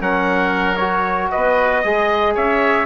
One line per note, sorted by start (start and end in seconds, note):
0.00 1.31 F#3
0.00 0.78 C#4
0.00 1.32 A#4
0.00 0.76 F#5
0.76 1.85 F#4
0.76 1.29 C#5
1.31 1.84 B3
1.31 1.82 B4
1.31 2.36 D#5
1.82 2.36 G#3
1.82 2.86 G#4
1.82 2.34 D#5
2.35 2.86 C#4
2.35 2.86 C#5
2.35 2.86 E5